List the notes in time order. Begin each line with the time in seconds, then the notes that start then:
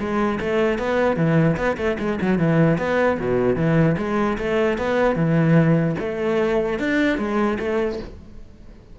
0.00 G#3
0.41 A3
0.79 B3
1.17 E3
1.57 B3
1.78 A3
2.00 G#3
2.22 F#3
2.39 E3
2.78 B3
3.20 B2
3.57 E3
3.98 G#3
4.39 A3
4.78 B3
5.16 E3
6.00 A3
6.80 D4
7.19 G#3
7.60 A3